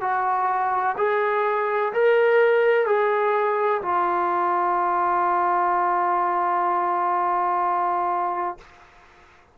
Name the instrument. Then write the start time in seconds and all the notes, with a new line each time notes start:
trombone
0.00 F#4
0.97 G#4
1.93 A#4
2.86 G#4
3.81 F4